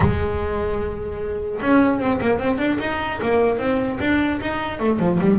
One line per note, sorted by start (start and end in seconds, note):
0.00 1.59 G#3
1.61 1.99 C#4
1.99 2.19 C4
2.21 2.39 A#3
2.39 2.58 C4
2.58 2.78 D4
2.79 3.19 D#4
3.22 3.58 A#3
3.58 3.98 C4
4.00 4.40 D4
4.41 4.79 D#4
4.79 4.99 A3
4.99 5.19 F3
5.20 5.39 G3